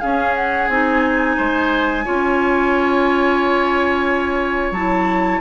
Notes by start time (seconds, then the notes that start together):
0.00 C#4 G#4 F5
0.35 F#5
0.68 C4 D#4 G#5
1.37 G#3 C5
2.04 C#4 F4 C#5
4.71 F#3 E4 A5